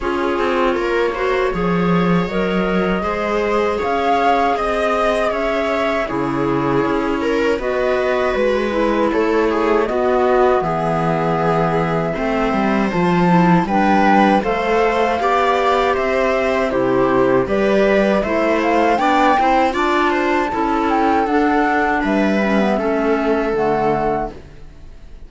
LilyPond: <<
  \new Staff \with { instrumentName = "flute" } { \time 4/4 \tempo 4 = 79 cis''2. dis''4~ | dis''4 f''4 dis''4 e''4 | cis''2 dis''4 b'4 | cis''4 dis''4 e''2~ |
e''4 a''4 g''4 f''4~ | f''4 e''4 c''4 d''4 | e''8 f''8 g''4 a''4. g''8 | fis''4 e''2 fis''4 | }
  \new Staff \with { instrumentName = "viola" } { \time 4/4 gis'4 ais'8 c''8 cis''2 | c''4 cis''4 dis''4 cis''4 | gis'4. ais'8 b'2 | a'8 gis'8 fis'4 gis'2 |
c''2 b'4 c''4 | d''4 c''4 g'4 b'4 | c''4 d''8 c''8 d''8 c''8 a'4~ | a'4 b'4 a'2 | }
  \new Staff \with { instrumentName = "clarinet" } { \time 4/4 f'4. fis'8 gis'4 ais'4 | gis'1 | e'2 fis'4. e'8~ | e'4 b2. |
c'4 f'8 e'8 d'4 a'4 | g'2 e'4 g'4 | e'4 d'8 e'8 f'4 e'4 | d'4. cis'16 b16 cis'4 a4 | }
  \new Staff \with { instrumentName = "cello" } { \time 4/4 cis'8 c'8 ais4 f4 fis4 | gis4 cis'4 c'4 cis'4 | cis4 cis'4 b4 gis4 | a4 b4 e2 |
a8 g8 f4 g4 a4 | b4 c'4 c4 g4 | a4 b8 c'8 d'4 cis'4 | d'4 g4 a4 d4 | }
>>